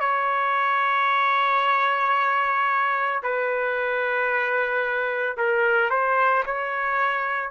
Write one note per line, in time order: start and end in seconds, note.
0.00 3.21 C#5
3.22 5.37 B4
5.37 5.90 A#4
5.90 6.43 C5
6.45 7.50 C#5